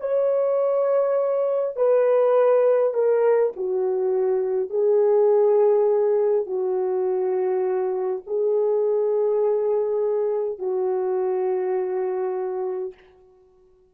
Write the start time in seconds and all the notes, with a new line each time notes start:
0.00 C#5
1.76 B4
2.94 A#4
3.56 F#4
4.70 G#4
6.46 F#4
8.27 G#4
10.59 F#4